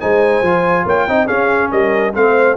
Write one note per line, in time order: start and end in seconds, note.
0.00 0.42 G#3
0.00 0.43 D#4
0.00 0.85 C5
0.00 0.86 G#5
0.42 0.85 F3
0.42 1.08 F4
0.85 1.07 A#3
0.85 1.06 C#5
0.85 1.27 G5
1.07 1.29 C4
1.07 1.27 D#4
1.07 1.26 D#5
1.26 2.13 C#4
1.26 1.72 C#4
1.26 1.70 G#4
1.26 1.71 F5
1.71 2.15 G3
1.71 2.14 A#4
1.71 2.14 D#5
2.13 2.57 A3
2.13 2.57 C4
2.13 2.57 C5
2.13 2.57 F5